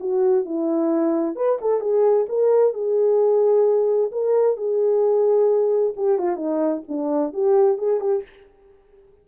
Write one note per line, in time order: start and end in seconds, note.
0.00 0.45 F#4
0.45 1.36 E4
1.36 1.58 B4
1.61 1.80 A4
1.80 2.26 G#4
2.29 2.74 A#4
2.74 4.11 G#4
4.11 4.57 A#4
4.57 5.94 G#4
5.96 6.19 G4
6.19 6.36 F4
6.36 6.82 D#4
6.88 7.33 D4
7.33 7.78 G4
7.78 8.00 G#4
8.00 8.23 G4